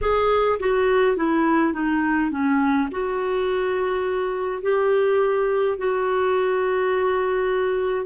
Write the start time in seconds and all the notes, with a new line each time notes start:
0.01 G#4
0.59 F#4
1.16 E4
1.73 D#4
2.31 C#4
2.91 F#4
4.62 G4
5.77 F#4